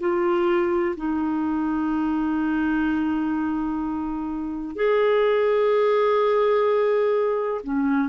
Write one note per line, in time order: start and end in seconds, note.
0.00 0.95 F4
0.97 4.76 D#4
4.76 7.61 G#4
7.64 8.09 C#4